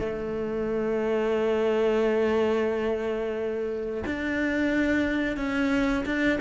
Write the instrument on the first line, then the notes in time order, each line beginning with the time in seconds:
cello
0.00 A3
4.06 D4
5.37 C#4
6.06 D4